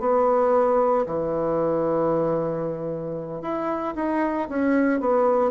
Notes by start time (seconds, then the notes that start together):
0.00 B3
1.06 E3
3.42 E4
3.96 D#4
4.49 C#4
5.00 B3